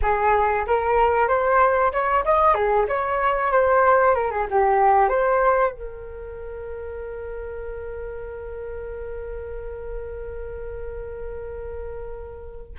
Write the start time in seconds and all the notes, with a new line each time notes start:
0.02 G#4
0.66 A#4
1.28 C5
1.92 C#5
2.24 D#5
2.54 G#4
2.88 C#5
3.52 C5
4.14 A#4
4.31 G#4
4.50 G4
5.08 C5
5.71 A#4